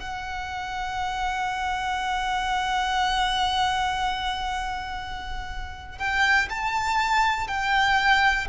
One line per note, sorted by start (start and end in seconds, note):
0.00 5.99 F#5
5.99 6.49 G5
6.50 7.48 A5
7.48 8.48 G5